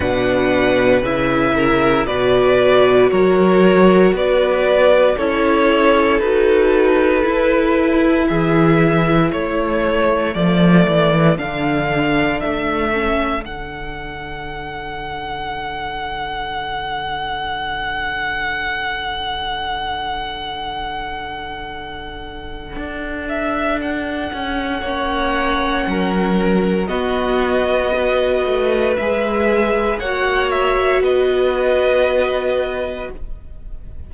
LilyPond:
<<
  \new Staff \with { instrumentName = "violin" } { \time 4/4 \tempo 4 = 58 fis''4 e''4 d''4 cis''4 | d''4 cis''4 b'2 | e''4 cis''4 d''4 f''4 | e''4 fis''2.~ |
fis''1~ | fis''2~ fis''8 e''8 fis''4~ | fis''2 dis''2 | e''4 fis''8 e''8 dis''2 | }
  \new Staff \with { instrumentName = "violin" } { \time 4/4 b'4. ais'8 b'4 ais'4 | b'4 a'2. | gis'4 a'2.~ | a'1~ |
a'1~ | a'1 | cis''4 ais'4 fis'4 b'4~ | b'4 cis''4 b'2 | }
  \new Staff \with { instrumentName = "viola" } { \time 4/4 d'4 e'4 fis'2~ | fis'4 e'4 fis'4 e'4~ | e'2 a4 d'4~ | d'8 cis'8 d'2.~ |
d'1~ | d'1 | cis'2 b4 fis'4 | gis'4 fis'2. | }
  \new Staff \with { instrumentName = "cello" } { \time 4/4 b,4 cis4 b,4 fis4 | b4 cis'4 dis'4 e'4 | e4 a4 f8 e8 d4 | a4 d2.~ |
d1~ | d2 d'4. cis'8 | ais4 fis4 b4. a8 | gis4 ais4 b2 | }
>>